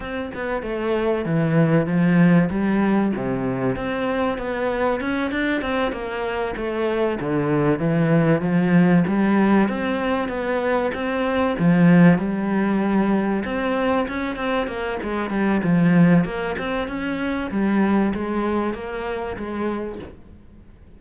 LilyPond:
\new Staff \with { instrumentName = "cello" } { \time 4/4 \tempo 4 = 96 c'8 b8 a4 e4 f4 | g4 c4 c'4 b4 | cis'8 d'8 c'8 ais4 a4 d8~ | d8 e4 f4 g4 c'8~ |
c'8 b4 c'4 f4 g8~ | g4. c'4 cis'8 c'8 ais8 | gis8 g8 f4 ais8 c'8 cis'4 | g4 gis4 ais4 gis4 | }